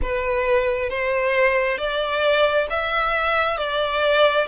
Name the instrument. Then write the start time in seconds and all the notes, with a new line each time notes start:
violin
0.02 B4
0.90 C5
1.77 D5
2.70 E5
3.57 D5